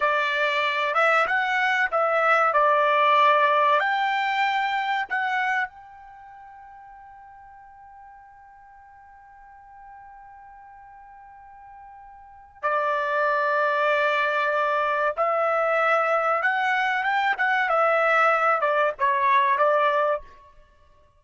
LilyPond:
\new Staff \with { instrumentName = "trumpet" } { \time 4/4 \tempo 4 = 95 d''4. e''8 fis''4 e''4 | d''2 g''2 | fis''4 g''2.~ | g''1~ |
g''1 | d''1 | e''2 fis''4 g''8 fis''8 | e''4. d''8 cis''4 d''4 | }